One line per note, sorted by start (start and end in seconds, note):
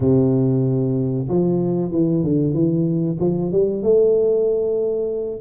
0.00 1.28 C3
1.29 1.91 F3
1.91 2.23 E3
2.23 2.53 D3
2.53 3.17 E3
3.19 3.51 F3
3.51 3.82 G3
3.82 5.41 A3